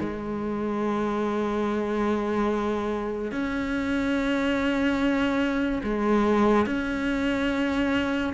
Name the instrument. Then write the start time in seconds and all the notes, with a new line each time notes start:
cello
0.00 G#3
3.32 C#4
5.83 G#3
6.66 C#4